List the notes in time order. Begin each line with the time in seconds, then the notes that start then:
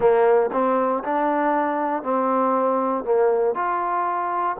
0.00 A#3
0.52 C4
1.04 D4
2.02 C4
3.04 A#3
3.55 F4